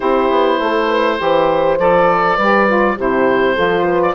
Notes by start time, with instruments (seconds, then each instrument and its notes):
0.00 bassoon C4, saxophone E4, horn G4, oboe C5
0.30 bassoon B3
0.59 bassoon A3, horn A4
0.87 horn B4
1.17 bassoon E3, saxophone G4, horn C5
1.78 bassoon F3, saxophone A4, oboe D5
2.35 bassoon G3, horn B4
2.42 saxophone G4
2.67 saxophone F4
2.95 bassoon C3, saxophone E4, horn G4, oboe C5
3.54 bassoon F3, saxophone F4, horn A4
3.83 horn B4
4.02 oboe D5